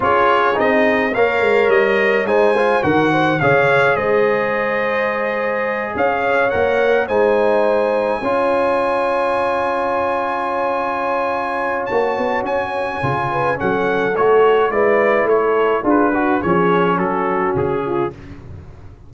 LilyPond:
<<
  \new Staff \with { instrumentName = "trumpet" } { \time 4/4 \tempo 4 = 106 cis''4 dis''4 f''4 dis''4 | gis''4 fis''4 f''4 dis''4~ | dis''2~ dis''8 f''4 fis''8~ | fis''8 gis''2.~ gis''8~ |
gis''1~ | gis''4 a''4 gis''2 | fis''4 cis''4 d''4 cis''4 | b'4 cis''4 a'4 gis'4 | }
  \new Staff \with { instrumentName = "horn" } { \time 4/4 gis'2 cis''2 | c''4 ais'8 c''8 cis''4 c''4~ | c''2~ c''8 cis''4.~ | cis''8 c''2 cis''4.~ |
cis''1~ | cis''2.~ cis''8 b'8 | a'2 b'4 a'4 | gis'8 fis'8 gis'4 fis'4. f'8 | }
  \new Staff \with { instrumentName = "trombone" } { \time 4/4 f'4 dis'4 ais'2 | dis'8 f'8 fis'4 gis'2~ | gis'2.~ gis'8 ais'8~ | ais'8 dis'2 f'4.~ |
f'1~ | f'4 fis'2 f'4 | cis'4 fis'4 e'2 | f'8 fis'8 cis'2. | }
  \new Staff \with { instrumentName = "tuba" } { \time 4/4 cis'4 c'4 ais8 gis8 g4 | gis4 dis4 cis4 gis4~ | gis2~ gis8 cis'4 ais8~ | ais8 gis2 cis'4.~ |
cis'1~ | cis'4 ais8 b8 cis'4 cis4 | fis4 a4 gis4 a4 | d'4 f4 fis4 cis4 | }
>>